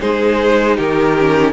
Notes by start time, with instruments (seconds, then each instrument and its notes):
0.00 cello G#3, viola D#4, violin G#4 C5
0.77 cello D#3, violin G4 A#4
1.19 viola C#4